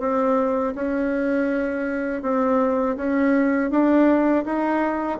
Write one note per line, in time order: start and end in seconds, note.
0.00 0.74 C4
0.75 2.23 C#4
2.23 2.97 C4
2.97 3.71 C#4
3.71 4.45 D4
4.45 5.19 D#4